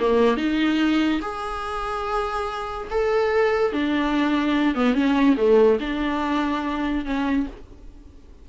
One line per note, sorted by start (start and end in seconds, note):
0.00 0.37 A#3
0.37 1.21 D#4
1.22 2.88 G#4
2.91 3.73 A4
3.73 4.75 D4
4.75 4.95 B3
4.95 5.36 C#4
5.37 5.79 A3
5.80 7.05 D4
7.05 7.47 C#4